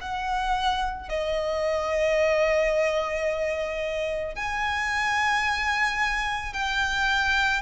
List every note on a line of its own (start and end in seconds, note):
0.00 1.09 F#5
1.09 4.35 D#5
4.35 6.53 G#5
6.53 7.61 G5